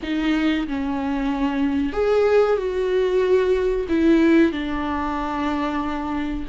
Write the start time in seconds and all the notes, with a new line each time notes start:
0.02 D#4
0.67 C#4
1.92 G#4
2.57 F#4
3.88 E4
4.52 D4